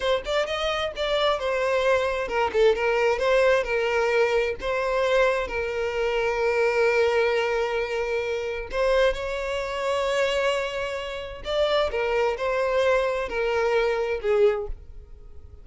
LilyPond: \new Staff \with { instrumentName = "violin" } { \time 4/4 \tempo 4 = 131 c''8 d''8 dis''4 d''4 c''4~ | c''4 ais'8 a'8 ais'4 c''4 | ais'2 c''2 | ais'1~ |
ais'2. c''4 | cis''1~ | cis''4 d''4 ais'4 c''4~ | c''4 ais'2 gis'4 | }